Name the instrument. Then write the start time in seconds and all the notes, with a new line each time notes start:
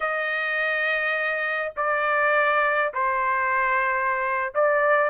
trumpet
0.00 D#5
1.76 D5
2.93 C5
4.54 D5